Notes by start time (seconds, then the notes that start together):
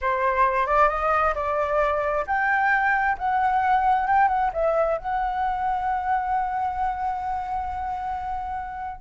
0.01 C5
0.66 D5
0.88 D#5
1.35 D5
2.27 G5
3.18 F#5
4.07 G5
4.28 F#5
4.53 E5
4.98 F#5